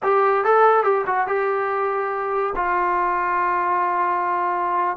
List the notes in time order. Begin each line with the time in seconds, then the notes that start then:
0.02 G4
0.44 A4
0.83 G4
1.06 F#4
1.27 G4
2.55 F4